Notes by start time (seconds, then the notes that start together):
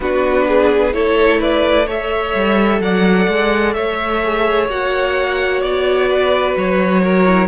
0.00 B3 D4 F#4 B4
0.47 G#4
0.92 A3 E4 A4 C#5
1.39 B4 D5
1.86 A4 C#5 E5
2.35 G3
2.80 F#3 D5 F#5
3.28 G#3
3.73 A3 C#5 E5
4.22 G#4
4.68 A#3 F#4 F#5
5.61 B3 D5
6.08 B4
6.56 F#3 C#5
7.02 A#4
7.26 E4